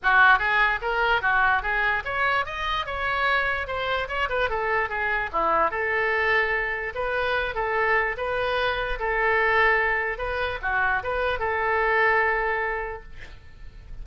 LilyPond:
\new Staff \with { instrumentName = "oboe" } { \time 4/4 \tempo 4 = 147 fis'4 gis'4 ais'4 fis'4 | gis'4 cis''4 dis''4 cis''4~ | cis''4 c''4 cis''8 b'8 a'4 | gis'4 e'4 a'2~ |
a'4 b'4. a'4. | b'2 a'2~ | a'4 b'4 fis'4 b'4 | a'1 | }